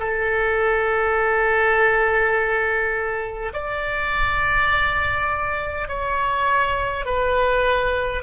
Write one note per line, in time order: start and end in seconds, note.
0.00 3.53 A4
3.53 5.88 D5
5.88 7.06 C#5
7.06 8.24 B4